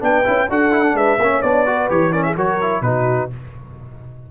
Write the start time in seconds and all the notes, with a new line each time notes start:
0.00 B3 D4 B4 G5
0.24 C#4 E4
0.49 D4 F#4 A4 F#5
0.72 E4
0.83 D4
0.93 G#3 B4 E5
1.18 A#3 C#4 C#5
1.42 B3 D4 D5
1.66 F#4 B4
1.89 E3 G4 C#5
2.12 C#4 A#4 D5
2.23 G#4 E5
2.36 F#3 F#4 A#4 C#5
2.61 E4
2.81 B2 D#4 F#4 B4